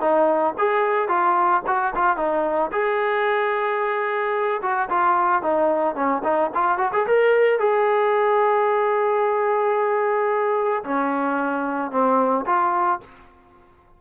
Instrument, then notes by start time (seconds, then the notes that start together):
trombone
0.00 D#4
0.58 G#4
1.08 F4
1.67 F#4
1.95 F4
2.17 D#4
2.72 G#4
4.62 F#4
4.89 F4
5.42 D#4
5.95 C#4
6.24 D#4
6.54 F4
6.78 F#4
6.93 G#4
7.07 A#4
7.59 G#4
10.84 C#4
11.91 C4
12.46 F4